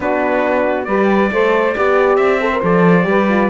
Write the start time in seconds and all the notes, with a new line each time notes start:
0.00 B3 D4 F#4 B4
0.84 G3 G4 B4 D5
1.31 A3 A4 C5
1.75 B3 G4 D5
2.15 C4 E5
2.40 A4 C5
2.52 A#4
2.62 F3 A4 D5
3.03 G3 G4 B4
3.29 F4